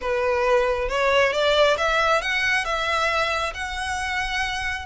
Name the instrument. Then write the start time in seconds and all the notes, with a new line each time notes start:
violin
0.01 B4
0.88 C#5
1.32 D5
1.77 E5
2.21 F#5
2.65 E5
3.54 F#5